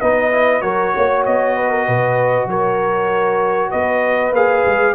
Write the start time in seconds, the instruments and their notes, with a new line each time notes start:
0.00 tuba B3, trombone D#4, horn B4, trumpet D#5
0.31 trombone E4
0.61 tuba F#3, trombone F#4, horn A#4, trumpet C#5
0.95 tuba A#3, horn C#5
1.25 tuba B3, trumpet D#5
1.55 horn B4
1.69 horn A#4
1.86 tuba B2, horn B4
2.46 tuba F#3, horn A#4, trumpet C#5
3.71 tuba B3, horn B4, trumpet D#5
4.32 tuba A#3, trombone G#4, trumpet F5
4.66 tuba G#3